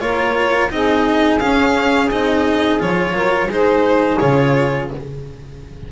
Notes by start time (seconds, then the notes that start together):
0.00 A#3 F4 A#4 C#5
0.70 C4 D#4 G#4 D#5
1.39 C#4 F5
2.11 C4 D#4 D#5
2.79 F3 F4 C#5
3.12 F#3 A#4
3.47 G#3 D#4 G#4 C5
4.19 C#3 F4 C#5